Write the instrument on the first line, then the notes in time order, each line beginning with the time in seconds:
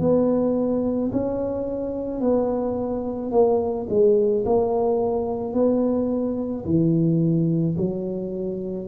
tuba
0.00 B3
1.13 C#4
2.21 B3
3.32 A#3
3.89 G#3
4.45 A#3
5.54 B3
6.65 E3
7.77 F#3